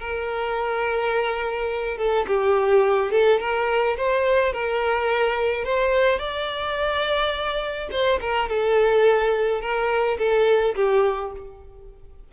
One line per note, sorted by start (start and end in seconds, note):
0.00 1.98 A#4
1.98 2.26 A4
2.27 3.11 G4
3.11 3.40 A4
3.40 3.96 A#4
3.97 4.53 C5
4.53 5.64 A#4
5.64 6.19 C5
6.19 7.89 D5
7.91 8.20 C5
8.21 8.49 A#4
8.49 9.61 A4
9.61 10.18 A#4
10.18 10.75 A4
10.75 11.32 G4